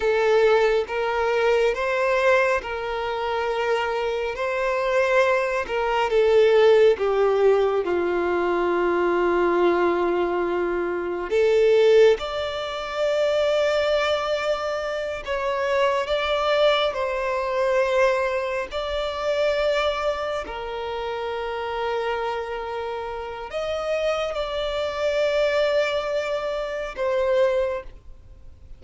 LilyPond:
\new Staff \with { instrumentName = "violin" } { \time 4/4 \tempo 4 = 69 a'4 ais'4 c''4 ais'4~ | ais'4 c''4. ais'8 a'4 | g'4 f'2.~ | f'4 a'4 d''2~ |
d''4. cis''4 d''4 c''8~ | c''4. d''2 ais'8~ | ais'2. dis''4 | d''2. c''4 | }